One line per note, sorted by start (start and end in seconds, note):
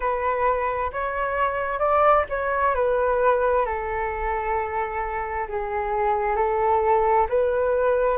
0.00 0.91 B4
0.92 1.79 C#5
1.79 2.24 D5
2.29 2.74 C#5
2.74 3.65 B4
3.65 5.47 A4
5.48 6.36 G#4
6.36 7.27 A4
7.29 8.17 B4